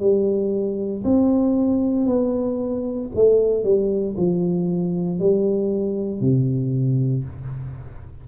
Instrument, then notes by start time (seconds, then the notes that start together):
tuba
0.00 G3
1.04 C4
2.06 B3
3.16 A3
3.64 G3
4.17 F3
5.20 G3
6.21 C3